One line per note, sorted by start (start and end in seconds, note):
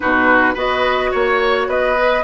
0.00 0.55 B2
0.00 0.54 D#4
0.00 0.54 F#4
0.00 0.56 B4
0.54 1.11 B3
0.54 1.96 F#4
0.54 1.10 B4
0.54 1.13 D#5
1.11 1.67 A#3
1.11 1.67 C#5
1.11 1.70 C#5
1.67 2.23 B3
1.67 2.24 B4
1.67 2.24 D#5
1.97 2.24 B4